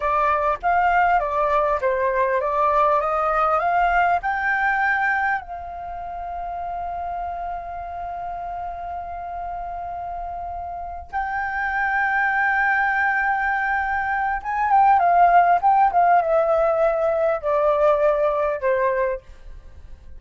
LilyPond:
\new Staff \with { instrumentName = "flute" } { \time 4/4 \tempo 4 = 100 d''4 f''4 d''4 c''4 | d''4 dis''4 f''4 g''4~ | g''4 f''2.~ | f''1~ |
f''2~ f''8 g''4.~ | g''1 | gis''8 g''8 f''4 g''8 f''8 e''4~ | e''4 d''2 c''4 | }